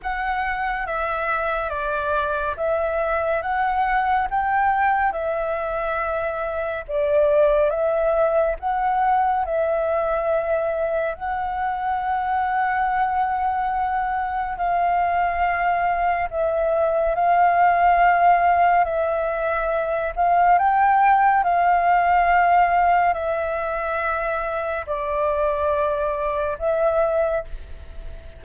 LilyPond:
\new Staff \with { instrumentName = "flute" } { \time 4/4 \tempo 4 = 70 fis''4 e''4 d''4 e''4 | fis''4 g''4 e''2 | d''4 e''4 fis''4 e''4~ | e''4 fis''2.~ |
fis''4 f''2 e''4 | f''2 e''4. f''8 | g''4 f''2 e''4~ | e''4 d''2 e''4 | }